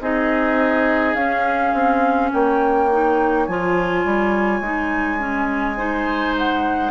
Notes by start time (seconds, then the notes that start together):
0.00 C4 D#4 G#4 D#5
1.14 C#4 F5
1.73 C4
2.32 A#3 C#5 G5
2.91 D#4
3.46 F3 F4 G#5
4.05 G3
4.60 G#3 D#4
5.19 C#4
5.77 D#4 C5
6.38 F#5